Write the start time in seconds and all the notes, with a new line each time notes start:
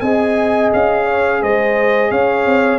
0.00 C4 G#4 D#5 G#5
0.73 C#4 F5
1.05 C#5
1.41 G#3 C5 D#5
2.11 C#4 C#5 F5
2.45 C4